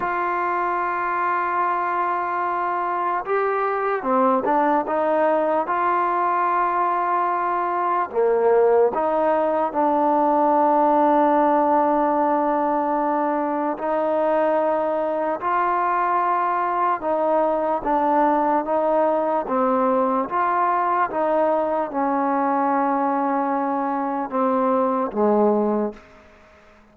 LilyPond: \new Staff \with { instrumentName = "trombone" } { \time 4/4 \tempo 4 = 74 f'1 | g'4 c'8 d'8 dis'4 f'4~ | f'2 ais4 dis'4 | d'1~ |
d'4 dis'2 f'4~ | f'4 dis'4 d'4 dis'4 | c'4 f'4 dis'4 cis'4~ | cis'2 c'4 gis4 | }